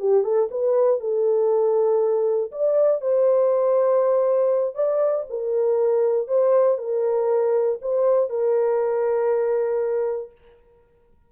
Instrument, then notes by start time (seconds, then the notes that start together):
horn
0.00 G4
0.24 A4
0.51 B4
1.00 A4
2.52 D5
3.02 C5
4.75 D5
5.30 A#4
6.28 C5
6.78 A#4
7.82 C5
8.30 A#4